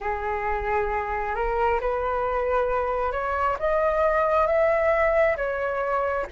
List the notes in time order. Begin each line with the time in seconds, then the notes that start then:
0.00 G#4
1.35 A#4
1.80 B4
3.11 C#5
3.59 D#5
4.46 E5
5.36 C#5